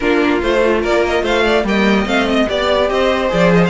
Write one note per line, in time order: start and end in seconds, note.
0.00 0.42 A#3
0.00 0.40 D4
0.00 0.80 F4
0.00 0.41 A#4
0.40 0.84 A3
0.40 1.64 F4
0.40 0.83 C5
0.80 1.22 A#3
0.80 1.22 A#4
0.80 1.05 D5
1.05 1.25 D#5
1.22 1.64 A3
1.22 1.43 C5
1.22 1.66 F5
1.44 1.64 D5
1.64 2.05 G3
1.64 2.05 A#3
1.64 2.49 D#5
1.64 2.07 G5
2.05 2.47 A3
2.05 2.47 C4
2.05 2.28 F5
2.28 2.49 D#5
2.48 2.90 B3
2.48 3.28 G4
2.48 2.90 D5
2.48 2.89 D5
2.89 3.31 C4
2.89 3.70 C5
2.89 3.31 D#5
3.28 3.70 F3
3.28 3.70 G#4
3.28 3.53 D5
3.54 3.64 D#5
3.65 3.70 F5